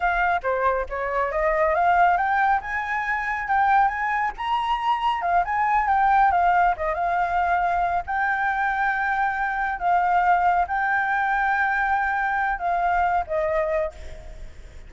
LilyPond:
\new Staff \with { instrumentName = "flute" } { \time 4/4 \tempo 4 = 138 f''4 c''4 cis''4 dis''4 | f''4 g''4 gis''2 | g''4 gis''4 ais''2 | f''8 gis''4 g''4 f''4 dis''8 |
f''2~ f''8 g''4.~ | g''2~ g''8 f''4.~ | f''8 g''2.~ g''8~ | g''4 f''4. dis''4. | }